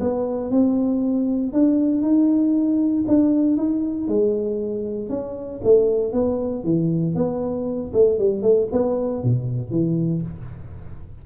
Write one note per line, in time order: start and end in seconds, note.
0.00 0.50 B3
0.50 1.52 C4
1.52 2.02 D4
2.02 3.04 D#4
3.07 3.57 D4
3.57 4.07 D#4
4.07 5.09 G#3
5.09 5.60 C#4
5.63 6.12 A3
6.12 6.63 B3
6.63 7.14 E3
7.14 7.91 B3
7.93 8.18 A3
8.18 8.42 G3
8.42 8.68 A3
8.72 9.23 B3
9.23 9.70 B2
9.70 10.21 E3